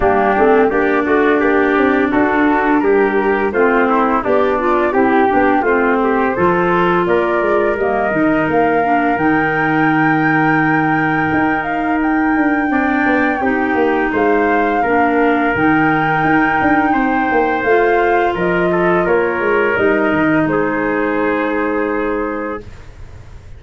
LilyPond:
<<
  \new Staff \with { instrumentName = "flute" } { \time 4/4 \tempo 4 = 85 g'4 d''2 a'4 | ais'4 c''4 d''4 g'4 | c''2 d''4 dis''4 | f''4 g''2.~ |
g''8 f''8 g''2. | f''2 g''2~ | g''4 f''4 dis''4 cis''4 | dis''4 c''2. | }
  \new Staff \with { instrumentName = "trumpet" } { \time 4/4 d'4 g'8 fis'8 g'4 fis'4 | g'4 f'8 e'8 d'4 g'4 | f'8 g'8 a'4 ais'2~ | ais'1~ |
ais'2 d''4 g'4 | c''4 ais'2. | c''2 ais'8 a'8 ais'4~ | ais'4 gis'2. | }
  \new Staff \with { instrumentName = "clarinet" } { \time 4/4 ais8 c'8 d'2.~ | d'4 c'4 g'8 f'8 e'8 d'8 | c'4 f'2 ais8 dis'8~ | dis'8 d'8 dis'2.~ |
dis'2 d'4 dis'4~ | dis'4 d'4 dis'2~ | dis'4 f'2. | dis'1 | }
  \new Staff \with { instrumentName = "tuba" } { \time 4/4 g8 a8 ais8 a8 ais8 c'8 d'4 | g4 a4 b4 c'8 b8 | a4 f4 ais8 gis8 g8 dis8 | ais4 dis2. |
dis'4. d'8 c'8 b8 c'8 ais8 | gis4 ais4 dis4 dis'8 d'8 | c'8 ais8 a4 f4 ais8 gis8 | g8 dis8 gis2. | }
>>